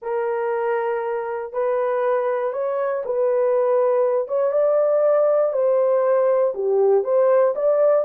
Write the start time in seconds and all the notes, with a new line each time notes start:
0.02 A#4
1.52 B4
2.52 C#5
3.05 B4
4.27 C#5
4.52 D5
5.52 C5
6.54 G4
7.04 C5
7.55 D5